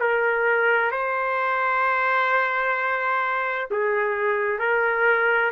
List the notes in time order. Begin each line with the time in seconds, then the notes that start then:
0.00 A#4
0.92 C5
3.70 G#4
4.59 A#4